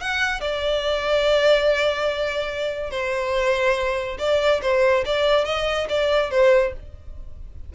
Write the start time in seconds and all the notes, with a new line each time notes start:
0.00 F#5
0.41 D5
2.90 C5
4.19 D5
4.62 C5
5.05 D5
5.45 D#5
5.89 D5
6.30 C5